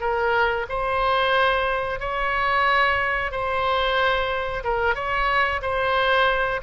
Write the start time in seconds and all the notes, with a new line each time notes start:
0.00 A#4
0.68 C5
1.99 C#5
3.31 C5
4.64 A#4
4.95 C#5
5.61 C5